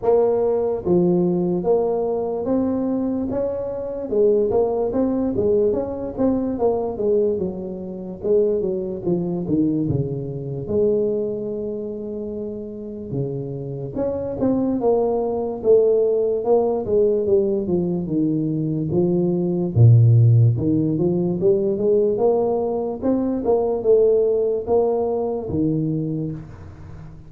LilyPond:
\new Staff \with { instrumentName = "tuba" } { \time 4/4 \tempo 4 = 73 ais4 f4 ais4 c'4 | cis'4 gis8 ais8 c'8 gis8 cis'8 c'8 | ais8 gis8 fis4 gis8 fis8 f8 dis8 | cis4 gis2. |
cis4 cis'8 c'8 ais4 a4 | ais8 gis8 g8 f8 dis4 f4 | ais,4 dis8 f8 g8 gis8 ais4 | c'8 ais8 a4 ais4 dis4 | }